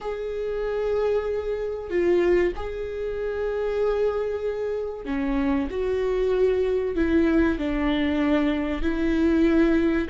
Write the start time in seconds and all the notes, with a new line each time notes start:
0.00 G#4
1.89 F4
2.56 G#4
5.05 C#4
5.70 F#4
6.95 E4
7.58 D4
8.82 E4